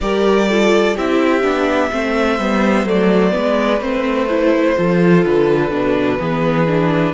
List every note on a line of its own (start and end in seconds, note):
0.00 0.96 G3
0.00 0.49 G4
0.00 0.48 A#4
0.00 0.96 D5
0.48 0.96 F4
0.48 0.94 A4
0.94 1.43 C4
0.94 1.42 E4
0.94 1.89 G4
0.94 2.87 E5
1.42 1.90 B3
1.42 1.89 D4
1.91 2.38 A3
1.91 2.38 C4
1.91 3.34 C5
2.38 2.85 G3
2.38 2.86 B3
2.85 3.32 F#3
2.85 3.30 A3
2.85 3.81 D5
3.30 3.81 G#3
3.30 3.78 B3
3.30 4.77 B4
3.80 4.76 A3
3.80 4.28 C4
3.80 5.24 C5
4.29 4.75 E4
4.75 5.24 F3
4.75 5.70 F4
4.75 6.19 A4
5.24 5.71 D3
5.24 7.13 B4
5.70 6.18 B2
5.70 6.18 D4
6.18 7.13 E3
6.18 6.66 B3
6.18 7.13 G#4
6.66 7.13 D4